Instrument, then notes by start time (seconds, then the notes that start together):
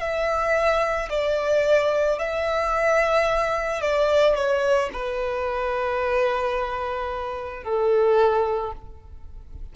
violin
0.00 E5
1.10 D5
2.19 E5
3.81 D5
4.35 C#5
4.93 B4
7.64 A4